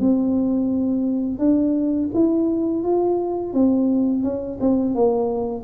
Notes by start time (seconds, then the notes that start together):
0.00 C4
1.39 D4
2.14 E4
2.84 F4
3.53 C4
4.23 C#4
4.60 C4
4.95 A#3